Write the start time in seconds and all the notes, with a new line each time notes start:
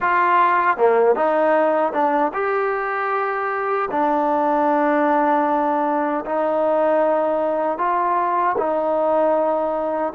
0.00 F4
0.77 A#3
1.15 D#4
1.93 D4
2.33 G4
3.91 D4
6.25 D#4
7.78 F4
8.57 D#4